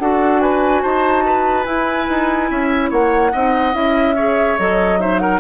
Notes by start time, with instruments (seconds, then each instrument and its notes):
0.00 bassoon D4, clarinet F#4, oboe A4, flute F#5
0.41 oboe B4, flute G#5
0.82 bassoon D#4, oboe C5, flute A5
1.26 oboe B4
1.64 clarinet E4, bassoon E4, flute G#5
2.09 bassoon D#4
2.51 bassoon C#4, oboe E5
2.90 bassoon A#3, oboe C#5, flute F#5
3.33 bassoon C4, clarinet D#4, oboe D#5
3.73 bassoon C#4, clarinet E4, flute E5
4.16 clarinet G#4, oboe C#5
4.59 bassoon F#3, clarinet A4, flute D#5
5.00 clarinet D#4, oboe C5, flute E5
5.19 oboe A#4, flute F#5